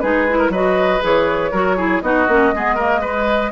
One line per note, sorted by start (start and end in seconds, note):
0.00 0.49 G#3
0.00 0.27 D#4
0.00 0.38 G#4
0.00 0.50 B4
0.28 0.53 E4
0.38 0.51 A#4
0.49 0.99 F#3
0.49 1.00 F#4
0.49 1.51 B4
0.49 1.02 D#5
1.00 1.52 E3
1.00 1.51 G#4
1.00 2.01 C#5
1.51 2.02 F#3
1.51 1.77 F#4
1.51 1.76 A#4
1.77 2.02 E4
1.77 2.02 G#4
2.01 2.27 B3
2.01 2.28 D#4
2.01 2.54 F#4
2.01 3.51 D#5
2.28 2.53 A#3
2.28 2.54 C#4
2.53 3.51 G#3
2.53 2.77 B3
2.53 2.75 G#4
2.75 3.02 A#3
2.75 3.00 A#4
3.01 3.51 G#3
3.01 3.51 B4